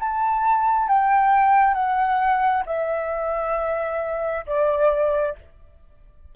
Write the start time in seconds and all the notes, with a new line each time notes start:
0.00 A5
0.88 G5
1.75 F#5
2.66 E5
4.47 D5